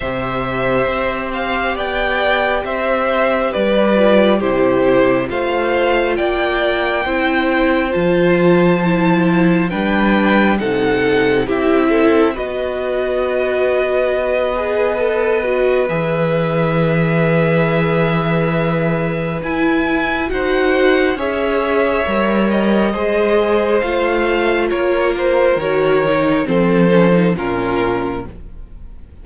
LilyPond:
<<
  \new Staff \with { instrumentName = "violin" } { \time 4/4 \tempo 4 = 68 e''4. f''8 g''4 e''4 | d''4 c''4 f''4 g''4~ | g''4 a''2 g''4 | fis''4 e''4 dis''2~ |
dis''2 e''2~ | e''2 gis''4 fis''4 | e''4. dis''4. f''4 | cis''8 c''8 cis''4 c''4 ais'4 | }
  \new Staff \with { instrumentName = "violin" } { \time 4/4 c''2 d''4 c''4 | b'4 g'4 c''4 d''4 | c''2. b'4 | a'4 g'8 a'8 b'2~ |
b'1~ | b'2. c''4 | cis''2 c''2 | ais'2 a'4 f'4 | }
  \new Staff \with { instrumentName = "viola" } { \time 4/4 g'1~ | g'8 f'8 e'4 f'2 | e'4 f'4 e'4 d'4 | dis'4 e'4 fis'2~ |
fis'8 gis'8 a'8 fis'8 gis'2~ | gis'2 e'4 fis'4 | gis'4 ais'4 gis'4 f'4~ | f'4 fis'8 dis'8 c'8 cis'16 dis'16 cis'4 | }
  \new Staff \with { instrumentName = "cello" } { \time 4/4 c4 c'4 b4 c'4 | g4 c4 a4 ais4 | c'4 f2 g4 | c4 c'4 b2~ |
b2 e2~ | e2 e'4 dis'4 | cis'4 g4 gis4 a4 | ais4 dis4 f4 ais,4 | }
>>